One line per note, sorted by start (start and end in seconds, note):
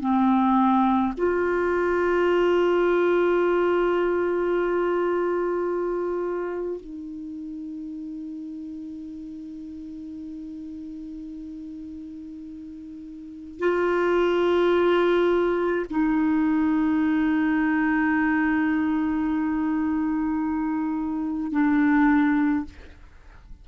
0.00 1.13 C4
1.17 6.81 F4
6.81 13.60 D#4
13.60 15.86 F4
15.90 21.51 D#4
21.51 22.65 D4